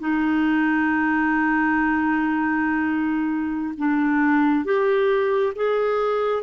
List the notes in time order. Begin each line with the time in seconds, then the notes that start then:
0.00 D#4
3.78 D4
4.65 G4
5.56 G#4